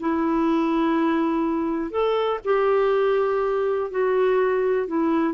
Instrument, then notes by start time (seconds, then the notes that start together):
clarinet
0.00 E4
1.91 A4
2.44 G4
3.91 F#4
4.87 E4